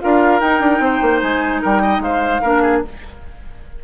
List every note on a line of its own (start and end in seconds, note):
0.00 0.40 D4
0.00 0.40 F4
0.00 0.84 A#4
0.00 0.40 F5
0.40 0.60 D#4
0.40 2.43 D#4
0.40 1.21 G5
0.60 0.79 D4
0.79 0.99 C4
0.79 1.61 C5
1.01 1.21 A#3
1.21 1.62 G#3
1.21 1.62 G#5
1.61 1.99 G3
1.61 1.82 A#4
1.61 2.02 G5
1.82 2.02 D#5
1.99 2.39 G#3
1.99 2.42 C5
1.99 2.83 F5
2.42 2.84 A#3
2.42 2.84 D4
2.42 2.62 A#4
2.62 2.82 G#4